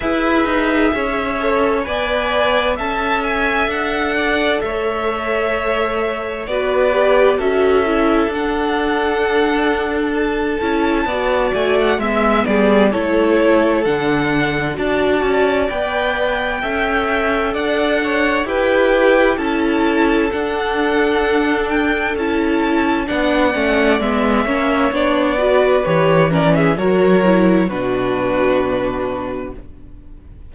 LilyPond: <<
  \new Staff \with { instrumentName = "violin" } { \time 4/4 \tempo 4 = 65 e''2 gis''4 a''8 gis''8 | fis''4 e''2 d''4 | e''4 fis''2 a''4~ | a''8 gis''16 fis''16 e''8 d''8 cis''4 fis''4 |
a''4 g''2 fis''4 | g''4 a''4 fis''4. g''8 | a''4 fis''4 e''4 d''4 | cis''8 d''16 e''16 cis''4 b'2 | }
  \new Staff \with { instrumentName = "violin" } { \time 4/4 b'4 cis''4 d''4 e''4~ | e''8 d''8 cis''2 b'4 | a'1 | d''4 e''8 gis'8 a'2 |
d''2 e''4 d''8 cis''8 | b'4 a'2.~ | a'4 d''4. cis''4 b'8~ | b'8 ais'16 gis'16 ais'4 fis'2 | }
  \new Staff \with { instrumentName = "viola" } { \time 4/4 gis'4. a'8 b'4 a'4~ | a'2. fis'8 g'8 | fis'8 e'8 d'2~ d'8 e'8 | fis'4 b4 e'4 d'4 |
fis'4 b'4 a'2 | g'4 e'4 d'2 | e'4 d'8 cis'8 b8 cis'8 d'8 fis'8 | g'8 cis'8 fis'8 e'8 d'2 | }
  \new Staff \with { instrumentName = "cello" } { \time 4/4 e'8 dis'8 cis'4 b4 cis'4 | d'4 a2 b4 | cis'4 d'2~ d'8 cis'8 | b8 a8 gis8 g8 a4 d4 |
d'8 cis'8 b4 cis'4 d'4 | e'4 cis'4 d'2 | cis'4 b8 a8 gis8 ais8 b4 | e4 fis4 b,2 | }
>>